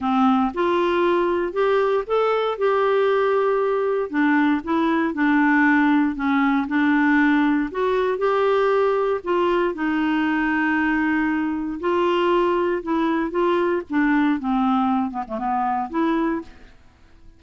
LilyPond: \new Staff \with { instrumentName = "clarinet" } { \time 4/4 \tempo 4 = 117 c'4 f'2 g'4 | a'4 g'2. | d'4 e'4 d'2 | cis'4 d'2 fis'4 |
g'2 f'4 dis'4~ | dis'2. f'4~ | f'4 e'4 f'4 d'4 | c'4. b16 a16 b4 e'4 | }